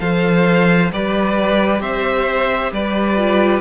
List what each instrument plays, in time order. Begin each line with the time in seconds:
0.00 cello F3, viola A4, violin C5 F5
0.91 cello G3, viola G4, violin B4 D5
1.81 cello C4, violin C5 E5
2.72 cello G3, violin B4 D5
3.17 viola F4